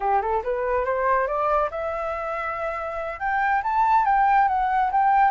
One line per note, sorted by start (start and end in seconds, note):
0.00 0.21 G4
0.21 0.43 A4
0.43 0.85 B4
0.85 1.27 C5
1.27 1.69 D5
1.70 3.19 E5
3.19 3.62 G5
3.63 4.05 A5
4.05 4.47 G5
4.48 4.90 F#5
4.91 5.31 G5